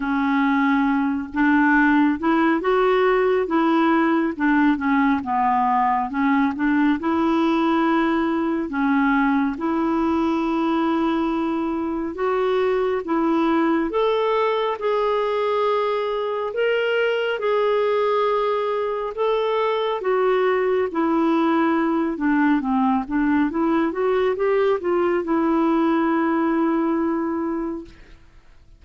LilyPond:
\new Staff \with { instrumentName = "clarinet" } { \time 4/4 \tempo 4 = 69 cis'4. d'4 e'8 fis'4 | e'4 d'8 cis'8 b4 cis'8 d'8 | e'2 cis'4 e'4~ | e'2 fis'4 e'4 |
a'4 gis'2 ais'4 | gis'2 a'4 fis'4 | e'4. d'8 c'8 d'8 e'8 fis'8 | g'8 f'8 e'2. | }